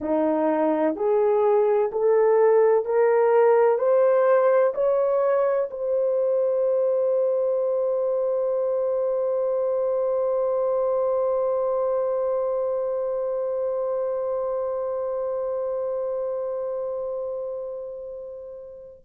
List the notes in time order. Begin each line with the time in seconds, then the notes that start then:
0.00 D#4
0.95 G#4
1.91 A4
2.85 A#4
3.78 C5
4.74 C#5
5.70 C5